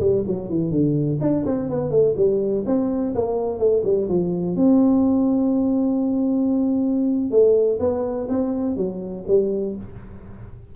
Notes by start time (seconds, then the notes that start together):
0.00 G3
0.27 F#3
0.49 E3
0.71 D3
1.21 D4
1.46 C4
1.70 B3
1.90 A3
2.16 G3
2.66 C4
3.15 A#3
3.59 A3
3.84 G3
4.09 F3
4.56 C4
7.31 A3
7.80 B3
8.29 C4
8.76 F#3
9.28 G3